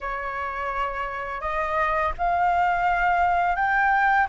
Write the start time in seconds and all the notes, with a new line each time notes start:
0.00 C#5
1.41 D#5
2.18 F5
3.55 G5